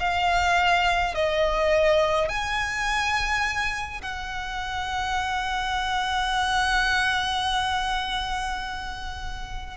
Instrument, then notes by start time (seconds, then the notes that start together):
violin
0.00 F5
1.15 D#5
2.29 G#5
4.02 F#5